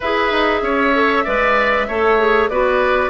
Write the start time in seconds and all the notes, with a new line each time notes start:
0.00 E4 G#4 B4 E5
0.31 D#4
0.62 C#4 C#5
0.94 A4
1.24 G#3 B4 D5
1.87 A3 A4 C#5
2.18 G#4
2.48 B3 F#4 B4 D5